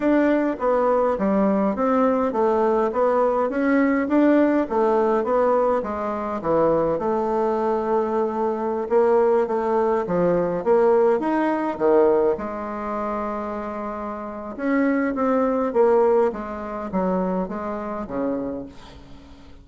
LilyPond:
\new Staff \with { instrumentName = "bassoon" } { \time 4/4 \tempo 4 = 103 d'4 b4 g4 c'4 | a4 b4 cis'4 d'4 | a4 b4 gis4 e4 | a2.~ a16 ais8.~ |
ais16 a4 f4 ais4 dis'8.~ | dis'16 dis4 gis2~ gis8.~ | gis4 cis'4 c'4 ais4 | gis4 fis4 gis4 cis4 | }